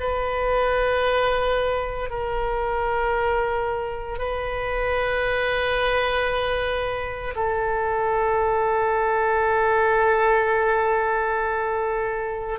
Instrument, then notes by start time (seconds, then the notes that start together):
oboe
0.00 B4
2.10 A#4
4.18 B4
7.35 A4